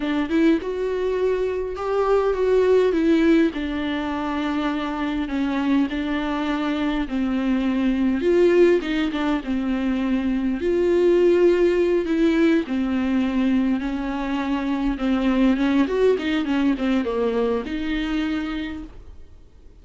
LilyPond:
\new Staff \with { instrumentName = "viola" } { \time 4/4 \tempo 4 = 102 d'8 e'8 fis'2 g'4 | fis'4 e'4 d'2~ | d'4 cis'4 d'2 | c'2 f'4 dis'8 d'8 |
c'2 f'2~ | f'8 e'4 c'2 cis'8~ | cis'4. c'4 cis'8 fis'8 dis'8 | cis'8 c'8 ais4 dis'2 | }